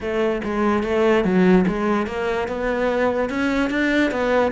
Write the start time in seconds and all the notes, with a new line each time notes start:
0.00 A3
0.44 G#3
0.83 A3
1.24 F#3
1.67 G#3
2.07 A#3
2.48 B3
3.29 C#4
3.70 D4
4.11 B3